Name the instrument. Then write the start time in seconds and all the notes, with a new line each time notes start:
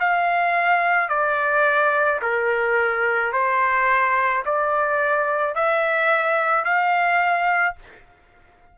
trumpet
0.00 F5
1.09 D5
2.22 A#4
3.33 C5
4.45 D5
5.56 E5
6.65 F5